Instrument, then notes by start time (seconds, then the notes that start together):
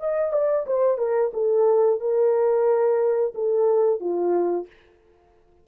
horn
0.00 D#5
0.33 D5
0.67 C5
0.98 A#4
1.34 A4
2.00 A#4
3.35 A4
4.00 F4